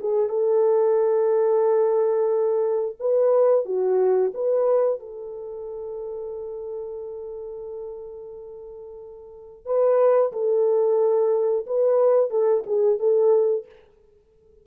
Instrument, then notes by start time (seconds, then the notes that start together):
horn
0.00 G#4
0.29 A4
3.00 B4
3.65 F#4
4.34 B4
4.99 A4
9.65 B4
10.32 A4
11.66 B4
12.31 A4
12.66 G#4
12.99 A4